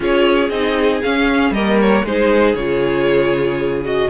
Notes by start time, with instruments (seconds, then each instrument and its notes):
0.00 cello C#4, viola F4, violin G#4 C#5
0.49 cello C4, viola D#4, violin D#5
1.02 viola C#4, cello C#4, violin F5
1.50 cello G3, viola A#3, violin A#4 D#5
1.80 violin C#5
2.04 cello G#3, viola D#4, violin G#4 C5
2.54 cello C#3, viola F4, violin C#5
3.84 viola F#4, violin D#5